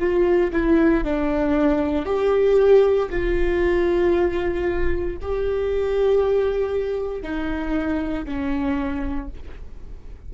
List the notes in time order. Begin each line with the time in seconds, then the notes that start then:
0.00 F4
0.53 E4
1.04 D4
2.06 G4
3.10 F4
5.22 G4
7.23 D#4
8.25 C#4